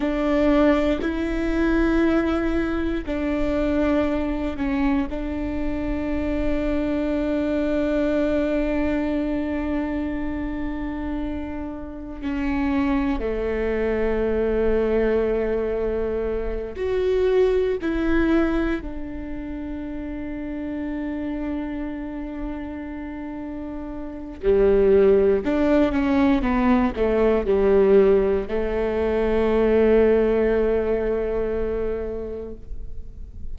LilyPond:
\new Staff \with { instrumentName = "viola" } { \time 4/4 \tempo 4 = 59 d'4 e'2 d'4~ | d'8 cis'8 d'2.~ | d'1 | cis'4 a2.~ |
a8 fis'4 e'4 d'4.~ | d'1 | g4 d'8 cis'8 b8 a8 g4 | a1 | }